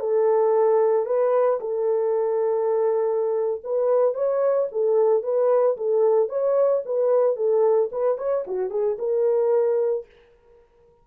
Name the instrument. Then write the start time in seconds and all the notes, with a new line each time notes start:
horn
0.00 A4
1.06 B4
1.60 A4
3.64 B4
4.14 C#5
4.72 A4
5.23 B4
5.77 A4
6.29 C#5
6.86 B4
7.37 A4
7.92 B4
8.18 C#5
8.47 F#4
8.70 G#4
8.99 A#4